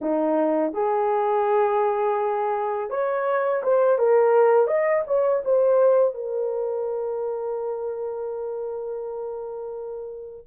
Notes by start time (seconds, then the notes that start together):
0.01 D#4
0.73 G#4
2.90 C#5
3.63 C5
3.98 A#4
4.67 D#5
5.06 C#5
5.44 C5
6.14 A#4